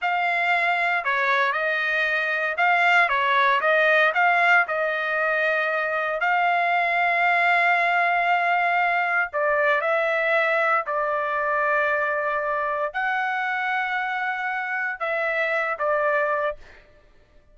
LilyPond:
\new Staff \with { instrumentName = "trumpet" } { \time 4/4 \tempo 4 = 116 f''2 cis''4 dis''4~ | dis''4 f''4 cis''4 dis''4 | f''4 dis''2. | f''1~ |
f''2 d''4 e''4~ | e''4 d''2.~ | d''4 fis''2.~ | fis''4 e''4. d''4. | }